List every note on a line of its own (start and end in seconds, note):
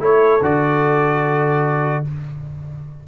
0.00 0.41 A3
0.00 0.41 E4
0.00 2.08 A4
0.00 0.44 C#5
0.42 2.04 D3
0.42 2.05 F#4
0.42 2.06 D5